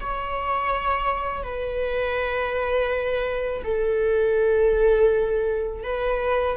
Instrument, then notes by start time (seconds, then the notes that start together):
viola
0.00 C#5
1.43 B4
3.63 A4
5.83 B4